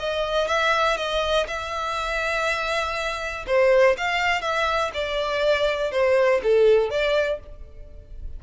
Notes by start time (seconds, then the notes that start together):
0.00 D#5
0.48 E5
0.97 D#5
1.48 E5
3.47 C5
3.98 F5
4.42 E5
4.94 D5
5.92 C5
6.43 A4
6.91 D5